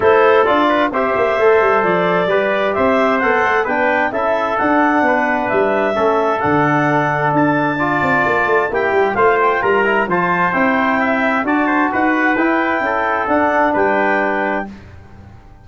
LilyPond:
<<
  \new Staff \with { instrumentName = "clarinet" } { \time 4/4 \tempo 4 = 131 c''4 d''4 e''2 | d''2 e''4 fis''4 | g''4 e''4 fis''2 | e''2 fis''2 |
a''2. g''4 | f''8 g''8 ais''4 a''4 g''4~ | g''4 a''4 fis''4 g''4~ | g''4 fis''4 g''2 | }
  \new Staff \with { instrumentName = "trumpet" } { \time 4/4 a'4. b'8 c''2~ | c''4 b'4 c''2 | b'4 a'2 b'4~ | b'4 a'2.~ |
a'4 d''2 g'4 | c''4 ais'4 c''2 | e''4 d''8 c''8 b'2 | a'2 b'2 | }
  \new Staff \with { instrumentName = "trombone" } { \time 4/4 e'4 f'4 g'4 a'4~ | a'4 g'2 a'4 | d'4 e'4 d'2~ | d'4 cis'4 d'2~ |
d'4 f'2 e'4 | f'4. e'8 f'4 e'4~ | e'4 fis'2 e'4~ | e'4 d'2. | }
  \new Staff \with { instrumentName = "tuba" } { \time 4/4 a4 d'4 c'8 ais8 a8 g8 | f4 g4 c'4 b8 a8 | b4 cis'4 d'4 b4 | g4 a4 d2 |
d'4. c'8 ais8 a8 ais8 g8 | a4 g4 f4 c'4~ | c'4 d'4 dis'4 e'4 | cis'4 d'4 g2 | }
>>